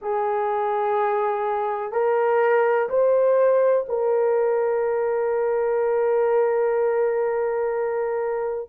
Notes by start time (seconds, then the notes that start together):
0.01 G#4
1.92 A#4
2.89 C5
3.88 A#4